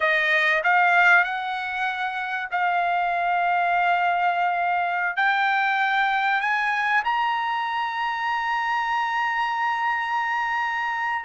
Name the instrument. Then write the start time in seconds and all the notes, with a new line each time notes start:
trumpet
0.00 D#5
0.63 F5
1.23 F#5
2.51 F5
5.16 G5
6.41 G#5
7.04 A#5